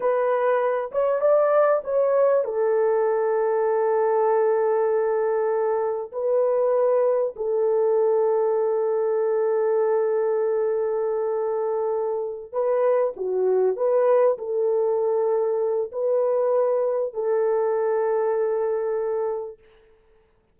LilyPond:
\new Staff \with { instrumentName = "horn" } { \time 4/4 \tempo 4 = 98 b'4. cis''8 d''4 cis''4 | a'1~ | a'2 b'2 | a'1~ |
a'1~ | a'8 b'4 fis'4 b'4 a'8~ | a'2 b'2 | a'1 | }